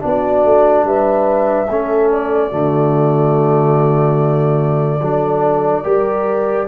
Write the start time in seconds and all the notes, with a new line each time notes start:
0.00 B3 D4 F#4 D5
0.44 A3
0.84 G3 B4 E5
1.69 A3 C#4 A4
2.11 D5
2.49 D3 A3 F#4
5.01 F#3 D4 A4
5.83 G3 G4 A#4